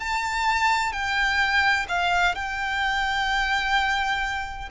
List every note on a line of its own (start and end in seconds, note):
0.00 0.92 A5
0.92 1.86 G5
1.89 2.35 F5
2.35 4.70 G5